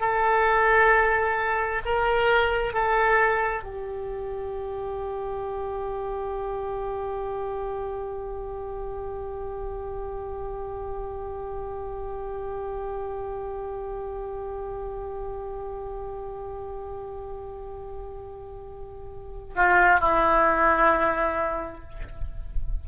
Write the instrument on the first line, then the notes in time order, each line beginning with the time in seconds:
oboe
0.00 A4
1.85 A#4
2.73 A4
3.63 G4
19.56 F4
20.00 E4